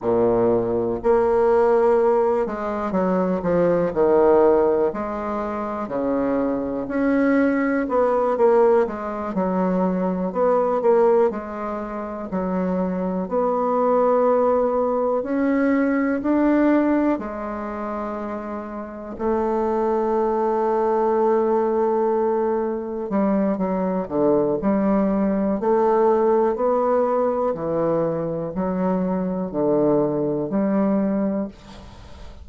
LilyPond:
\new Staff \with { instrumentName = "bassoon" } { \time 4/4 \tempo 4 = 61 ais,4 ais4. gis8 fis8 f8 | dis4 gis4 cis4 cis'4 | b8 ais8 gis8 fis4 b8 ais8 gis8~ | gis8 fis4 b2 cis'8~ |
cis'8 d'4 gis2 a8~ | a2.~ a8 g8 | fis8 d8 g4 a4 b4 | e4 fis4 d4 g4 | }